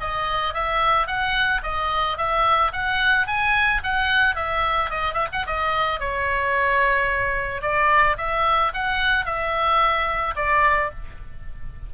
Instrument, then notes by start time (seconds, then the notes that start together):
oboe
0.00 D#5
0.54 E5
1.07 F#5
1.62 D#5
2.17 E5
2.72 F#5
3.27 G#5
3.83 F#5
4.35 E5
4.90 D#5
5.13 E5
5.32 F#5
5.46 D#5
6.00 C#5
7.62 D5
8.17 E5
8.73 F#5
9.25 E5
10.35 D5